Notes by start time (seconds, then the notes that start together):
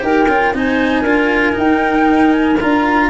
0.00 D#4 G4 A#4 G5
0.28 C#4 F4
0.53 C4 D#4 C5 G#5
1.01 D4 F4 A#4
1.52 D#4 G5
2.32 G#5
2.60 D4 F4 A#5